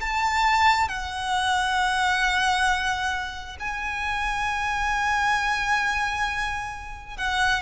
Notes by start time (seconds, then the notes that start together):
0.00 A5
0.88 F#5
3.59 G#5
7.17 F#5